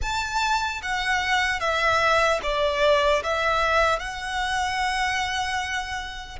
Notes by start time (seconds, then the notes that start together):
0.01 A5
0.82 F#5
1.60 E5
2.43 D5
3.23 E5
3.99 F#5